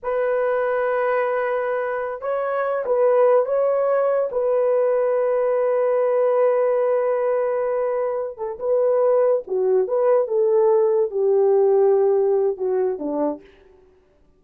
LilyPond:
\new Staff \with { instrumentName = "horn" } { \time 4/4 \tempo 4 = 143 b'1~ | b'4~ b'16 cis''4. b'4~ b'16~ | b'16 cis''2 b'4.~ b'16~ | b'1~ |
b'1 | a'8 b'2 fis'4 b'8~ | b'8 a'2 g'4.~ | g'2 fis'4 d'4 | }